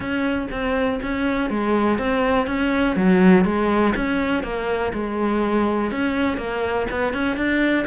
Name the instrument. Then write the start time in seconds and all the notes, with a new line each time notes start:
cello
0.00 C#4
0.51 C4
1.02 C#4
1.50 G#3
1.98 C4
2.46 C#4
2.96 F#3
3.44 G#3
3.95 C#4
4.43 A#3
4.93 G#3
5.91 C#4
6.37 A#3
6.91 B3
7.13 C#4
7.36 D4